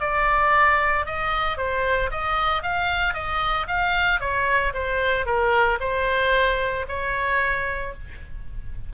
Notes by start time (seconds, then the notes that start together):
0.00 D5
1.05 D#5
1.57 C5
2.11 D#5
2.62 F5
3.14 D#5
3.67 F5
4.20 C#5
4.73 C5
5.25 A#4
5.80 C5
6.88 C#5